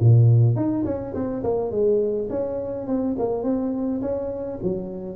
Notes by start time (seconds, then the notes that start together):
0.00 A#2
0.56 D#4
0.85 C#4
1.14 C4
1.44 A#3
1.71 G#3
2.30 C#4
2.87 C4
3.19 A#3
3.43 C4
4.01 C#4
4.63 F#3